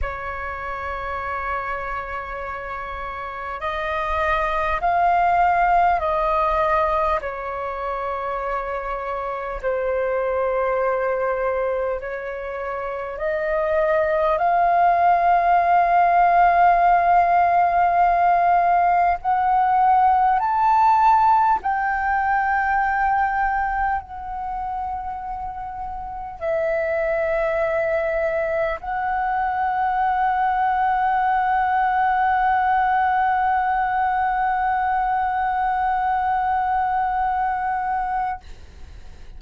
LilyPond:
\new Staff \with { instrumentName = "flute" } { \time 4/4 \tempo 4 = 50 cis''2. dis''4 | f''4 dis''4 cis''2 | c''2 cis''4 dis''4 | f''1 |
fis''4 a''4 g''2 | fis''2 e''2 | fis''1~ | fis''1 | }